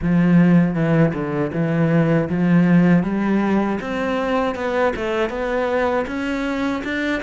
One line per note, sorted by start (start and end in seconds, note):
0.02 0.75 F3
0.75 1.13 E3
1.13 1.51 D3
1.53 2.29 E3
2.29 3.03 F3
3.03 3.79 G3
3.80 4.55 C4
4.55 4.93 B3
4.96 5.29 A3
5.29 6.05 B3
6.07 6.83 C#4
6.84 7.22 D4